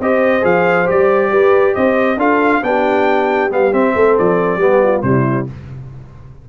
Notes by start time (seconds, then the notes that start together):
0.00 C4 G4 C5 D#5
0.42 F3 G#4 F5
0.86 G3 G4 D5
1.32 G4 B4
1.75 C4 C5 D#5
2.18 D4 F4 A4 F5
2.63 B3 D4 G4 G5
3.50 G3 B3 F5
3.72 C4 E5
3.95 A3 A4
4.18 F3 D5
4.57 G3 B3 G4
4.84 F4
5.03 C3 G3 E4 C5